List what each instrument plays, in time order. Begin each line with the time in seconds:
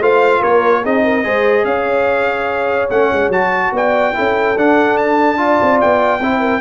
0.00 tuba A3, trombone F4, horn C5, trumpet F5
0.41 tuba A#3, horn A#4, trumpet C#5
0.83 tuba C4, trombone D#4, horn G#4, trumpet D#5
1.04 horn A#4
1.24 tuba G#3, trombone G#4, horn C5
1.65 tuba C#4, horn C#5, trumpet F5
2.90 tuba A3, trombone C#4, trumpet F#5
3.12 tuba G#3
3.29 tuba F#3, trombone F#4, trumpet A5
3.72 tuba B3, horn D5, trumpet G5
4.14 tuba C#4, trombone E4, horn A4
4.57 tuba D4, trombone D4, trumpet F#5
4.97 trumpet A5
5.37 trombone F4, horn D5
5.62 tuba C4
5.81 tuba B3, trumpet G5
6.20 tuba C4, trombone E4, horn C5
6.40 horn A#4